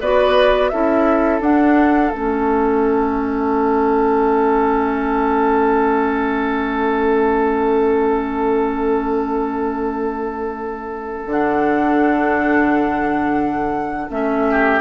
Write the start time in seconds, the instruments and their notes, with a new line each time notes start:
0.00 bassoon B3, clarinet F#4, oboe B4, flute D5
0.69 bassoon C#4, clarinet E4, oboe A4, flute E5
1.40 bassoon D4, clarinet D4, flute F#5
2.10 bassoon A3, clarinet C#4, flute E5
11.25 bassoon D3, clarinet D4, flute F#5
14.10 bassoon A3, clarinet C#4, flute E5
14.50 oboe G4